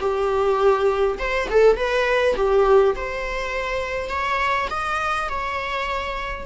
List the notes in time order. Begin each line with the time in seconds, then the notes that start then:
0.00 G4
1.18 C5
1.49 A4
1.76 B4
2.36 G4
2.95 C5
4.09 C#5
4.70 D#5
5.29 C#5